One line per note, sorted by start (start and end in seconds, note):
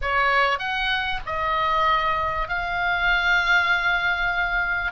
0.01 0.58 C#5
0.58 1.19 F#5
1.26 2.48 D#5
2.48 4.91 F5